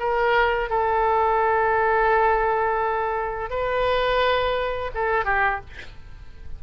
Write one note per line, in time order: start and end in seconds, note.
0.00 0.70 A#4
0.70 3.50 A4
3.50 4.92 B4
4.95 5.26 A4
5.26 5.61 G4